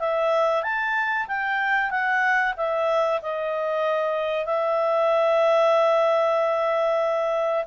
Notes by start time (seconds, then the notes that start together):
0.00 E5
0.63 A5
1.28 G5
1.91 F#5
2.57 E5
3.22 D#5
4.46 E5